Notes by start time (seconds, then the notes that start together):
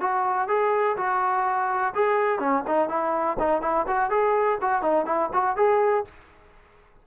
0.00 F#4
0.48 G#4
0.97 F#4
1.94 G#4
2.39 C#4
2.67 D#4
2.89 E4
3.39 D#4
3.61 E4
3.87 F#4
4.10 G#4
4.61 F#4
4.82 D#4
5.05 E4
5.33 F#4
5.56 G#4